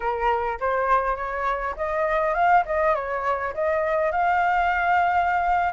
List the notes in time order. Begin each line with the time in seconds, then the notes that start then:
0.00 A#4
0.60 C5
1.16 C#5
1.76 D#5
2.34 F5
2.65 D#5
2.94 C#5
3.54 D#5
4.11 F5